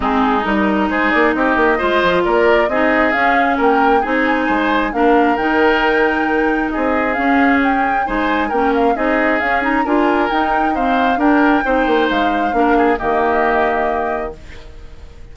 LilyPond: <<
  \new Staff \with { instrumentName = "flute" } { \time 4/4 \tempo 4 = 134 gis'4 ais'4 c''8 d''8 dis''4~ | dis''4 d''4 dis''4 f''4 | g''4 gis''2 f''4 | g''2. dis''4 |
f''4 g''4 gis''4 g''8 f''8 | dis''4 f''8 ais''8 gis''4 g''4 | f''4 g''2 f''4~ | f''4 dis''2. | }
  \new Staff \with { instrumentName = "oboe" } { \time 4/4 dis'2 gis'4 g'4 | c''4 ais'4 gis'2 | ais'4 gis'4 c''4 ais'4~ | ais'2. gis'4~ |
gis'2 c''4 ais'4 | gis'2 ais'2 | c''4 ais'4 c''2 | ais'8 gis'8 g'2. | }
  \new Staff \with { instrumentName = "clarinet" } { \time 4/4 c'4 dis'2. | f'2 dis'4 cis'4~ | cis'4 dis'2 d'4 | dis'1 |
cis'2 dis'4 cis'4 | dis'4 cis'8 dis'8 f'4 dis'4 | c'4 d'4 dis'2 | d'4 ais2. | }
  \new Staff \with { instrumentName = "bassoon" } { \time 4/4 gis4 g4 gis8 ais8 c'8 ais8 | gis8 f8 ais4 c'4 cis'4 | ais4 c'4 gis4 ais4 | dis2. c'4 |
cis'2 gis4 ais4 | c'4 cis'4 d'4 dis'4~ | dis'4 d'4 c'8 ais8 gis4 | ais4 dis2. | }
>>